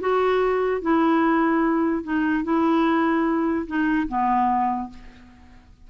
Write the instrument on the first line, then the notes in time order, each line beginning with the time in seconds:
clarinet
0.00 F#4
0.81 E4
2.03 D#4
2.44 E4
3.67 D#4
4.08 B3